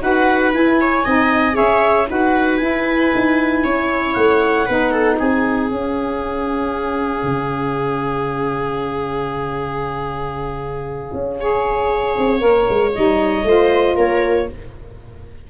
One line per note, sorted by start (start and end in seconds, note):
0.00 0.54 D#4
0.00 0.52 F#4
0.00 0.80 B4
0.00 0.54 F#5
0.52 1.04 E4
0.52 1.05 E4
0.52 1.56 G#5
0.81 1.05 C#5
1.05 1.57 C4
1.05 1.53 D#4
1.05 1.55 D#5
1.53 2.10 C#4
1.53 2.05 G#4
1.53 2.07 C#5
1.53 2.07 E5
2.08 2.61 D#4
2.08 2.59 F#4
2.08 3.64 B4
2.08 2.57 F#5
2.57 4.66 E4
2.57 3.12 E4
2.57 4.12 G#5
3.15 3.64 D#4
3.64 4.16 C#4
3.64 4.66 C#5
4.13 4.68 A3
4.13 5.16 F#5
4.66 5.20 B3
4.66 5.69 D#4
4.66 4.91 B4
4.91 5.17 A4
5.19 5.70 C4
5.19 11.39 G#4
5.19 5.70 G#5
5.69 11.38 C#4
5.69 7.23 C#4
5.69 12.94 F5
7.23 11.11 C#3
11.13 12.16 C#4
11.40 12.39 G#4
11.40 13.47 C#5
12.17 12.41 C4
12.39 12.67 A#3
12.39 12.91 A#4
12.69 12.95 G#3
12.94 13.43 G3
12.94 13.46 D#4
12.94 13.97 D#5
13.43 13.95 A3
13.43 14.49 F4
13.43 13.96 C5
13.96 14.49 A#3
13.96 14.47 A#4
13.96 14.50 C#5